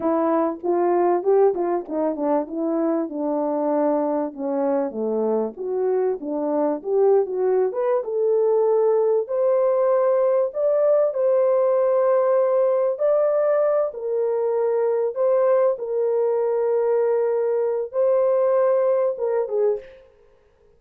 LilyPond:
\new Staff \with { instrumentName = "horn" } { \time 4/4 \tempo 4 = 97 e'4 f'4 g'8 f'8 dis'8 d'8 | e'4 d'2 cis'4 | a4 fis'4 d'4 g'8. fis'16~ | fis'8 b'8 a'2 c''4~ |
c''4 d''4 c''2~ | c''4 d''4. ais'4.~ | ais'8 c''4 ais'2~ ais'8~ | ais'4 c''2 ais'8 gis'8 | }